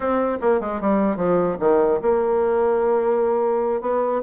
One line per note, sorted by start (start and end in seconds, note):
0.00 0.38 C4
0.41 0.60 A#3
0.60 0.80 G#3
0.80 1.16 G3
1.16 1.56 F3
1.59 2.00 D#3
2.01 3.81 A#3
3.81 4.21 B3